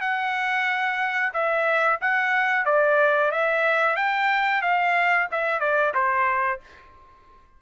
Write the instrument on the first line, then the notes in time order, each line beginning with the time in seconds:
trumpet
0.00 F#5
1.33 E5
2.01 F#5
2.65 D5
3.31 E5
3.96 G5
4.61 F5
5.31 E5
5.60 D5
5.94 C5